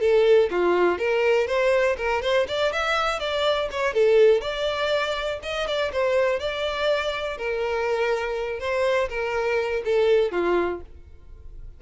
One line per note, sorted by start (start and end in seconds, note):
0.00 0.49 A4
0.51 0.98 F4
0.98 1.47 A#4
1.47 1.96 C5
1.97 2.22 A#4
2.22 2.46 C5
2.47 2.72 D5
2.72 3.19 E5
3.19 3.68 D5
3.71 3.93 C#5
3.93 4.41 A4
4.41 5.39 D5
5.42 5.67 D#5
5.67 5.91 D5
5.92 6.39 C5
6.39 7.37 D5
7.37 8.59 A#4
8.59 9.08 C5
9.09 9.82 A#4
9.84 10.31 A4
10.31 10.80 F4